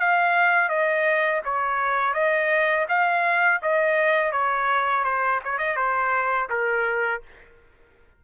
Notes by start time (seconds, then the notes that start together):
0.00 F5
0.69 D#5
1.45 C#5
2.14 D#5
2.89 F5
3.62 D#5
4.32 C#5
5.04 C5
5.44 C#5
5.59 D#5
5.76 C5
6.50 A#4